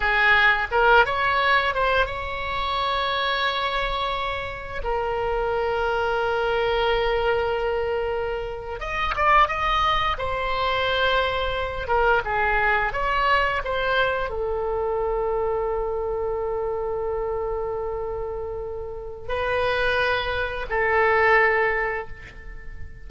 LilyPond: \new Staff \with { instrumentName = "oboe" } { \time 4/4 \tempo 4 = 87 gis'4 ais'8 cis''4 c''8 cis''4~ | cis''2. ais'4~ | ais'1~ | ais'8. dis''8 d''8 dis''4 c''4~ c''16~ |
c''4~ c''16 ais'8 gis'4 cis''4 c''16~ | c''8. a'2.~ a'16~ | a'1 | b'2 a'2 | }